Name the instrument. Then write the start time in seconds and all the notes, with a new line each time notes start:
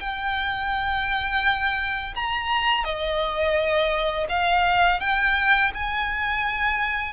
violin
0.00 G5
2.16 A#5
2.84 D#5
4.29 F5
5.00 G5
5.74 G#5